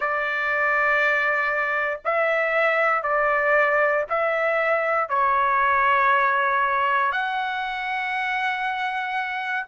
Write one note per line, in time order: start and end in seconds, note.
0.00 2.00 D5
2.04 3.02 E5
3.02 4.04 D5
4.09 5.08 E5
5.08 7.11 C#5
7.11 9.66 F#5